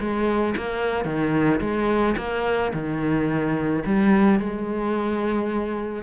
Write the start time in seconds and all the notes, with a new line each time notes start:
0.00 G#3
0.57 A#3
1.05 D#3
1.61 G#3
2.17 A#3
2.73 D#3
3.86 G3
4.40 G#3